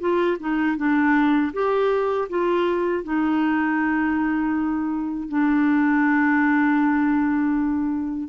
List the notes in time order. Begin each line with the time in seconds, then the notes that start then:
0.00 F4
0.40 D#4
0.77 D4
1.53 G4
2.29 F4
3.04 D#4
5.28 D4